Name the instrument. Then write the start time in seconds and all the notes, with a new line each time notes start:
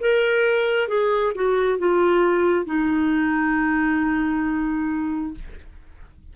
clarinet
0.00 A#4
0.88 G#4
1.35 F#4
1.78 F4
2.66 D#4